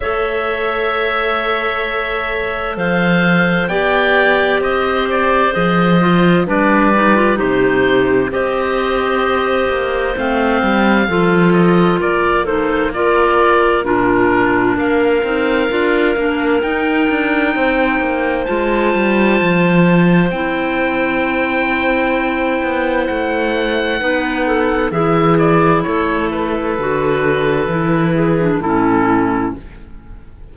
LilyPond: <<
  \new Staff \with { instrumentName = "oboe" } { \time 4/4 \tempo 4 = 65 e''2. f''4 | g''4 dis''8 d''8 dis''4 d''4 | c''4 dis''2 f''4~ | f''8 dis''8 d''8 c''8 d''4 ais'4 |
f''2 g''2 | a''2 g''2~ | g''4 fis''2 e''8 d''8 | cis''8 b'2~ b'8 a'4 | }
  \new Staff \with { instrumentName = "clarinet" } { \time 4/4 cis''2. c''4 | d''4 c''2 b'4 | g'4 c''2. | a'4 ais'8 a'8 ais'4 f'4 |
ais'2. c''4~ | c''1~ | c''2 b'8 a'8 gis'4 | a'2~ a'8 gis'8 e'4 | }
  \new Staff \with { instrumentName = "clarinet" } { \time 4/4 a'1 | g'2 gis'8 f'8 d'8 dis'16 f'16 | dis'4 g'2 c'4 | f'4. dis'8 f'4 d'4~ |
d'8 dis'8 f'8 d'8 dis'2 | f'2 e'2~ | e'2 dis'4 e'4~ | e'4 fis'4 e'8. d'16 cis'4 | }
  \new Staff \with { instrumentName = "cello" } { \time 4/4 a2. f4 | b4 c'4 f4 g4 | c4 c'4. ais8 a8 g8 | f4 ais2 ais,4 |
ais8 c'8 d'8 ais8 dis'8 d'8 c'8 ais8 | gis8 g8 f4 c'2~ | c'8 b8 a4 b4 e4 | a4 d4 e4 a,4 | }
>>